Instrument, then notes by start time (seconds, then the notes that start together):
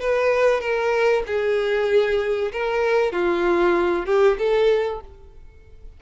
violin
0.00 B4
0.60 A#4
1.26 G#4
2.52 A#4
3.12 F4
4.06 G4
4.38 A4